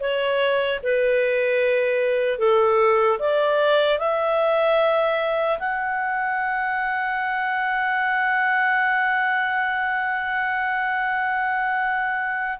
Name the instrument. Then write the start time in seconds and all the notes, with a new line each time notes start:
clarinet
0.00 C#5
0.83 B4
2.39 A4
3.19 D5
3.99 E5
5.59 F#5